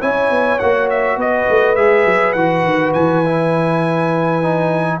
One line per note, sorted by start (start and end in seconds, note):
0.00 0.30 C#4
0.00 0.59 E4
0.00 1.18 C#5
0.00 0.59 G#5
0.30 0.59 B3
0.59 1.16 A#3
0.59 1.76 F#4
0.59 0.88 F#5
0.89 1.19 E5
1.16 1.46 B3
1.16 5.00 B4
1.16 1.75 D#5
1.49 1.76 A3
1.75 2.05 G#3
1.75 2.35 G#4
1.75 2.32 E5
2.05 2.34 F#3
2.32 2.64 E3
2.32 3.24 F#4
2.32 2.91 F#5
2.64 2.93 D#3
2.93 5.00 E3
2.93 4.99 G#5
3.24 4.42 E4
4.42 5.00 D#4